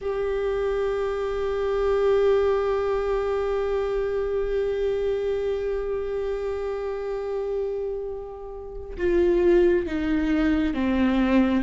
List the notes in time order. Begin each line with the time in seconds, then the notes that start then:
0.01 G4
8.97 F4
9.86 D#4
10.73 C4